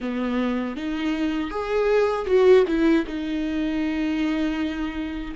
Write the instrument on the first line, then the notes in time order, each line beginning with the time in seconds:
viola
0.00 B3
0.76 D#4
1.50 G#4
2.25 F#4
2.67 E4
3.06 D#4